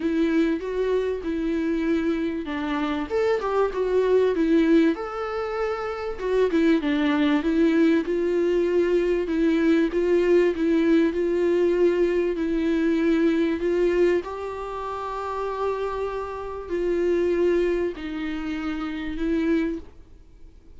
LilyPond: \new Staff \with { instrumentName = "viola" } { \time 4/4 \tempo 4 = 97 e'4 fis'4 e'2 | d'4 a'8 g'8 fis'4 e'4 | a'2 fis'8 e'8 d'4 | e'4 f'2 e'4 |
f'4 e'4 f'2 | e'2 f'4 g'4~ | g'2. f'4~ | f'4 dis'2 e'4 | }